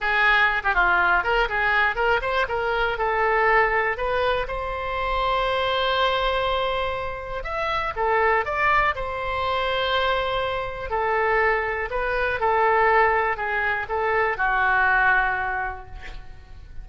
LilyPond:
\new Staff \with { instrumentName = "oboe" } { \time 4/4 \tempo 4 = 121 gis'4~ gis'16 g'16 f'4 ais'8 gis'4 | ais'8 c''8 ais'4 a'2 | b'4 c''2.~ | c''2. e''4 |
a'4 d''4 c''2~ | c''2 a'2 | b'4 a'2 gis'4 | a'4 fis'2. | }